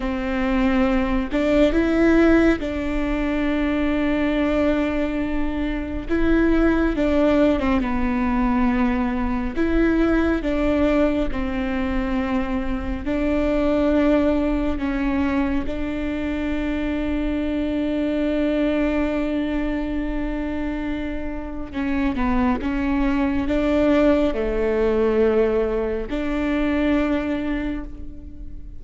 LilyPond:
\new Staff \with { instrumentName = "viola" } { \time 4/4 \tempo 4 = 69 c'4. d'8 e'4 d'4~ | d'2. e'4 | d'8. c'16 b2 e'4 | d'4 c'2 d'4~ |
d'4 cis'4 d'2~ | d'1~ | d'4 cis'8 b8 cis'4 d'4 | a2 d'2 | }